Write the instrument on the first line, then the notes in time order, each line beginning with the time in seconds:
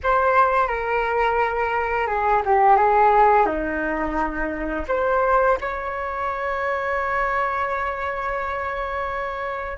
flute
0.03 C5
0.67 A#4
2.06 G#4
2.45 G4
2.76 G#4
3.46 D#4
4.88 C5
5.60 C#5